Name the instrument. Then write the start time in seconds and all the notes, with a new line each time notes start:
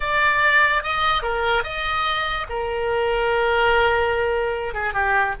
oboe
0.00 D5
0.83 D#5
1.22 A#4
1.63 D#5
2.49 A#4
4.74 G#4
4.93 G4